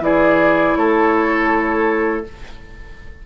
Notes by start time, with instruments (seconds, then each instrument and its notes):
0.00 bassoon E3, clarinet E4, oboe G#4, flute D5
0.76 bassoon A3, oboe A4, flute C#5